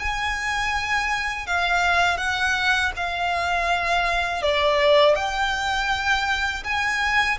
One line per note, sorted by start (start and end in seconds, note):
0.00 1.47 G#5
1.47 2.18 F5
2.18 2.92 F#5
2.97 4.42 F5
4.42 5.15 D5
5.15 6.64 G5
6.64 7.38 G#5